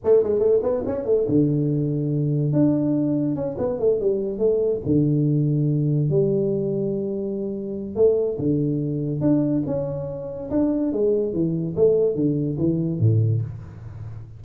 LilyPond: \new Staff \with { instrumentName = "tuba" } { \time 4/4 \tempo 4 = 143 a8 gis8 a8 b8 cis'8 a8 d4~ | d2 d'2 | cis'8 b8 a8 g4 a4 d8~ | d2~ d8 g4.~ |
g2. a4 | d2 d'4 cis'4~ | cis'4 d'4 gis4 e4 | a4 d4 e4 a,4 | }